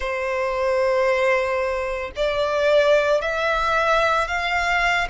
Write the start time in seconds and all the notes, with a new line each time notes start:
0.00 C5
2.15 D5
3.21 E5
4.27 F5